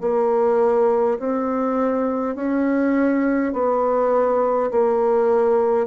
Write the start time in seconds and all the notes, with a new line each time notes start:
0.00 A#3
1.19 C4
2.35 C#4
3.53 B3
4.71 A#3